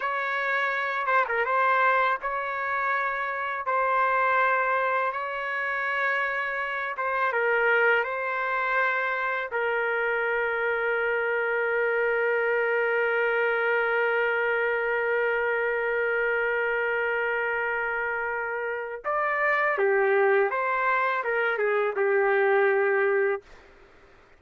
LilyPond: \new Staff \with { instrumentName = "trumpet" } { \time 4/4 \tempo 4 = 82 cis''4. c''16 ais'16 c''4 cis''4~ | cis''4 c''2 cis''4~ | cis''4. c''8 ais'4 c''4~ | c''4 ais'2.~ |
ais'1~ | ais'1~ | ais'2 d''4 g'4 | c''4 ais'8 gis'8 g'2 | }